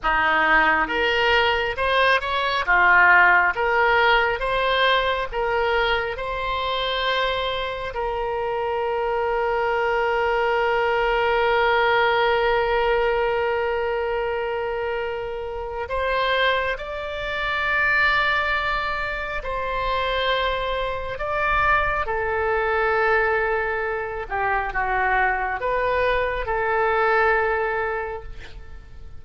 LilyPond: \new Staff \with { instrumentName = "oboe" } { \time 4/4 \tempo 4 = 68 dis'4 ais'4 c''8 cis''8 f'4 | ais'4 c''4 ais'4 c''4~ | c''4 ais'2.~ | ais'1~ |
ais'2 c''4 d''4~ | d''2 c''2 | d''4 a'2~ a'8 g'8 | fis'4 b'4 a'2 | }